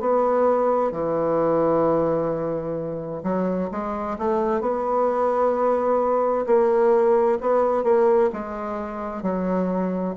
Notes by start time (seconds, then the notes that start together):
0.00 B3
0.91 E3
3.23 F#3
3.71 G#3
4.18 A3
4.61 B3
6.46 A#3
7.41 B3
7.83 A#3
8.32 G#3
9.22 F#3